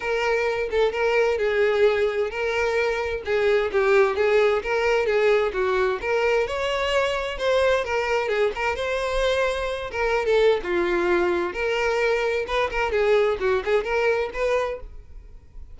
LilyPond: \new Staff \with { instrumentName = "violin" } { \time 4/4 \tempo 4 = 130 ais'4. a'8 ais'4 gis'4~ | gis'4 ais'2 gis'4 | g'4 gis'4 ais'4 gis'4 | fis'4 ais'4 cis''2 |
c''4 ais'4 gis'8 ais'8 c''4~ | c''4. ais'8. a'8. f'4~ | f'4 ais'2 b'8 ais'8 | gis'4 fis'8 gis'8 ais'4 b'4 | }